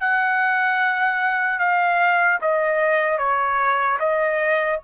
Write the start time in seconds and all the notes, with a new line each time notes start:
0.00 F#5
1.59 F5
2.41 D#5
3.18 C#5
3.99 D#5